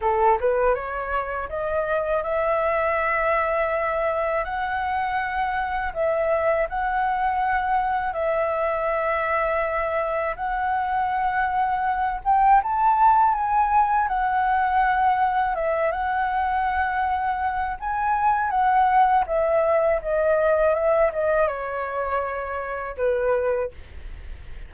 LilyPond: \new Staff \with { instrumentName = "flute" } { \time 4/4 \tempo 4 = 81 a'8 b'8 cis''4 dis''4 e''4~ | e''2 fis''2 | e''4 fis''2 e''4~ | e''2 fis''2~ |
fis''8 g''8 a''4 gis''4 fis''4~ | fis''4 e''8 fis''2~ fis''8 | gis''4 fis''4 e''4 dis''4 | e''8 dis''8 cis''2 b'4 | }